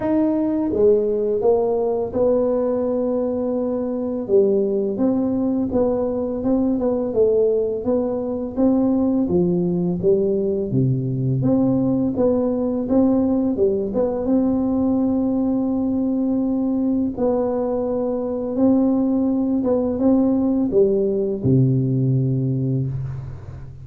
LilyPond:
\new Staff \with { instrumentName = "tuba" } { \time 4/4 \tempo 4 = 84 dis'4 gis4 ais4 b4~ | b2 g4 c'4 | b4 c'8 b8 a4 b4 | c'4 f4 g4 c4 |
c'4 b4 c'4 g8 b8 | c'1 | b2 c'4. b8 | c'4 g4 c2 | }